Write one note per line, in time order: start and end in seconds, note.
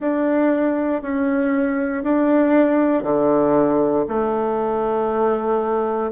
0.00 1.02 D4
1.02 2.03 C#4
2.03 3.03 D4
3.03 4.04 D3
4.08 6.11 A3